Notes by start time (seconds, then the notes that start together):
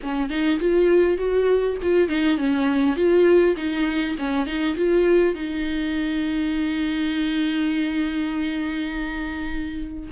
0.02 C#4
0.29 D#4
0.59 F4
1.17 F#4
1.82 F4
2.08 D#4
2.37 C#4
2.96 F4
3.56 D#4
4.18 C#4
4.46 D#4
4.77 F4
5.34 D#4